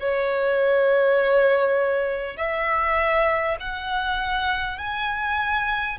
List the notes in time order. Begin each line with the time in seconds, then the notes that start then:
0.00 C#5
2.37 E5
3.60 F#5
4.78 G#5